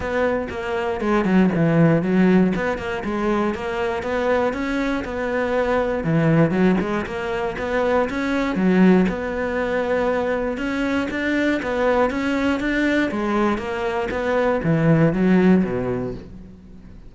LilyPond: \new Staff \with { instrumentName = "cello" } { \time 4/4 \tempo 4 = 119 b4 ais4 gis8 fis8 e4 | fis4 b8 ais8 gis4 ais4 | b4 cis'4 b2 | e4 fis8 gis8 ais4 b4 |
cis'4 fis4 b2~ | b4 cis'4 d'4 b4 | cis'4 d'4 gis4 ais4 | b4 e4 fis4 b,4 | }